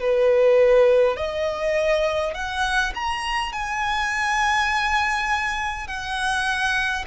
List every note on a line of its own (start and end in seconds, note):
0.00 1.17 B4
1.17 2.35 D#5
2.35 2.94 F#5
2.95 3.53 A#5
3.53 5.88 G#5
5.88 7.05 F#5